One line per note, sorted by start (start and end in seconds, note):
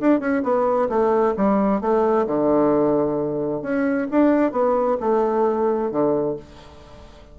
0.00 0.20 D4
0.20 0.42 C#4
0.43 0.88 B3
0.89 1.34 A3
1.36 1.81 G3
1.81 2.26 A3
2.26 3.62 D3
3.62 4.07 C#4
4.11 4.51 D4
4.51 4.97 B3
5.00 5.90 A3
5.90 6.36 D3